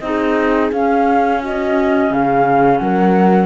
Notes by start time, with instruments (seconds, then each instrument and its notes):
0.00 cello C4, clarinet D#4, flute D#5
0.07 horn G#4
0.72 cello C#4, clarinet C#4, flute F5
1.42 horn F#4, flute D#5
2.11 cello C#3, horn G#4, flute F5
2.78 cello F#3, horn A#4, flute F#5